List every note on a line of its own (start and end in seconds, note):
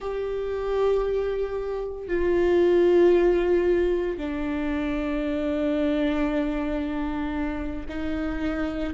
0.00 2.07 G4
2.07 4.17 F4
4.17 7.86 D4
7.88 8.94 D#4